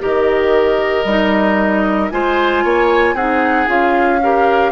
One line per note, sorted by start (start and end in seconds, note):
0.00 1.05 D#3
0.00 1.05 G4
0.00 2.13 A#4
0.00 2.11 D#5
1.05 2.10 G3
1.05 2.11 D#4
2.11 2.64 G#3
2.11 3.16 F4
2.11 2.65 C5
2.11 3.16 G#5
2.64 3.15 A#3
2.64 3.15 C#5
3.15 3.67 C4
3.15 3.67 D#4
3.15 4.21 G#4
3.15 3.69 F#5
3.67 4.73 C#4
3.67 4.20 F4
3.67 4.73 F5
4.23 4.73 G4
4.23 4.73 A#4